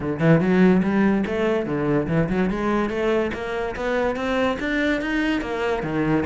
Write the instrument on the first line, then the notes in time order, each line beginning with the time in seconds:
cello
0.00 D3
0.19 E3
0.40 F#3
0.82 G3
1.26 A3
1.66 D3
2.08 E3
2.29 F#3
2.50 G#3
2.89 A3
3.33 A#3
3.76 B3
4.16 C4
4.59 D4
5.01 D#4
5.41 A#3
5.82 D#3